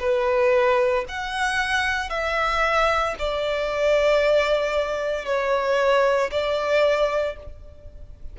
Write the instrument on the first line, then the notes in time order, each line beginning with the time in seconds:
violin
0.00 B4
1.09 F#5
2.10 E5
3.19 D5
5.26 C#5
6.32 D5